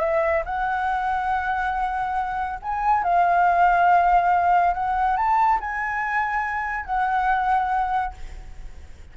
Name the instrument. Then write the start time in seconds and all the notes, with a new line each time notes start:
flute
0.00 E5
0.45 F#5
2.62 G#5
3.04 F5
4.74 F#5
5.16 A5
5.60 G#5
6.85 F#5